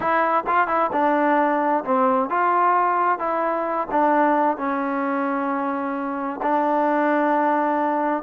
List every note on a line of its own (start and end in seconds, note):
0.00 0.44 E4
0.46 0.67 F4
0.67 0.90 E4
0.92 1.83 D4
1.84 2.29 C4
2.29 3.18 F4
3.18 3.87 E4
3.91 4.57 D4
4.57 6.40 C#4
6.42 8.23 D4